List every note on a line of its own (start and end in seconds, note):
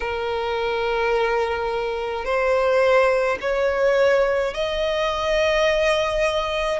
0.00 2.24 A#4
2.24 3.38 C5
3.40 4.53 C#5
4.53 6.79 D#5